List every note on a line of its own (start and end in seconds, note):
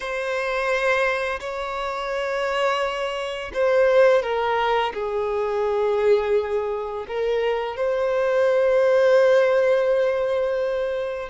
0.00 1.39 C5
1.39 3.51 C#5
3.53 4.22 C5
4.22 4.93 A#4
4.93 7.05 G#4
7.07 7.76 A#4
7.76 11.29 C5